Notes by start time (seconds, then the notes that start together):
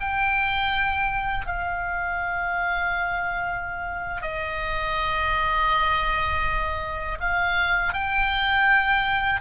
0.00 G5
1.46 F5
4.22 D#5
7.20 F5
7.93 G5